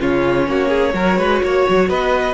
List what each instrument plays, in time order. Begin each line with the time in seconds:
0.00 cello C#3, viola C#4, violin F4 C#5
0.47 cello A#3, violin F#4
0.68 violin G#4
0.94 cello F#3, viola F#4, violin A#4
1.18 cello G#3, violin B4
1.43 cello A#3, violin C#5
1.69 cello F#3
1.89 cello B3, violin B4 D#5